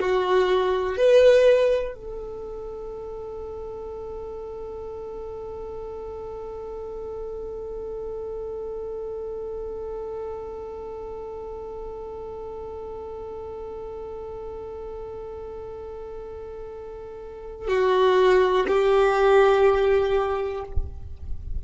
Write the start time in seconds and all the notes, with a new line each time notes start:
0.00 F#4
0.97 B4
1.95 A4
17.68 F#4
18.68 G4